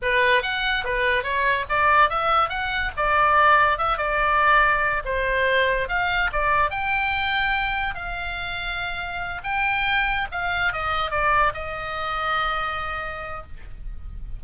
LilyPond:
\new Staff \with { instrumentName = "oboe" } { \time 4/4 \tempo 4 = 143 b'4 fis''4 b'4 cis''4 | d''4 e''4 fis''4 d''4~ | d''4 e''8 d''2~ d''8 | c''2 f''4 d''4 |
g''2. f''4~ | f''2~ f''8 g''4.~ | g''8 f''4 dis''4 d''4 dis''8~ | dis''1 | }